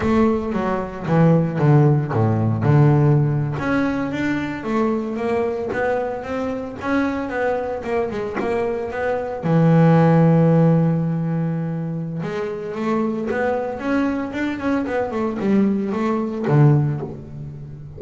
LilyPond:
\new Staff \with { instrumentName = "double bass" } { \time 4/4 \tempo 4 = 113 a4 fis4 e4 d4 | a,4 d4.~ d16 cis'4 d'16~ | d'8. a4 ais4 b4 c'16~ | c'8. cis'4 b4 ais8 gis8 ais16~ |
ais8. b4 e2~ e16~ | e2. gis4 | a4 b4 cis'4 d'8 cis'8 | b8 a8 g4 a4 d4 | }